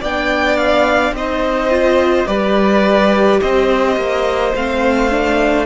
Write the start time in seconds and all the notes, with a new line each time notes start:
0.00 B3 D4 D5 G5
0.56 F5
1.11 C4 D#4 C5 D#5
1.70 F4
2.26 G3 G4 B4 D5
3.41 C4 C5 D#5
3.96 A#3
4.55 A3 C4 F5
5.10 D4